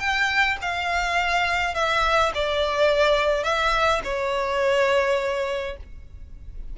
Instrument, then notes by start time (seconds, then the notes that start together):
violin
0.00 G5
0.62 F5
1.74 E5
2.34 D5
3.44 E5
4.04 C#5